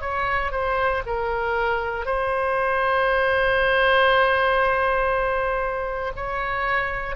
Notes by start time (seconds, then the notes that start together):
0.00 C#5
0.51 C5
1.05 A#4
2.05 C5
6.15 C#5